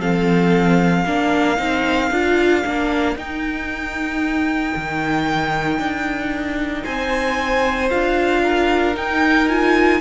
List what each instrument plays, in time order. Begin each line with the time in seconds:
0.00 cello F3, viola C4, violin A4 F5
1.05 cello A#3, viola D4, violin A#4
1.57 cello C4, viola D#4
2.11 cello D4, viola F4
2.64 cello A#3, viola D4
3.16 cello D#4, viola D#4, violin G5
4.76 cello D#3
5.79 cello D4
6.84 cello C4, violin C5 G#5
7.91 cello D4, viola F4, violin F5
8.43 violin A#4
8.95 viola D#4, cello D#4, violin G5
9.49 viola F4, violin G#5